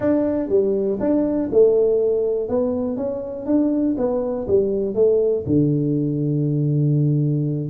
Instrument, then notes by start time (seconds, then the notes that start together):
tuba
0.00 D4
0.48 G3
1.00 D4
1.51 A3
2.48 B3
2.96 C#4
3.46 D4
3.97 B3
4.47 G3
4.95 A3
5.46 D3